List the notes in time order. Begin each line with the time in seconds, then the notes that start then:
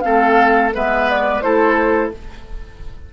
0.00 A3 C4 A4 F5
0.73 G#3 B3 B4 E5
1.10 D5
1.41 A3 E4 A4 C5